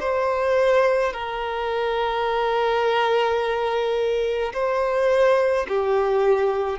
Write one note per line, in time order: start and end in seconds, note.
0.00 1.13 C5
1.13 4.53 A#4
4.53 5.67 C5
5.69 6.79 G4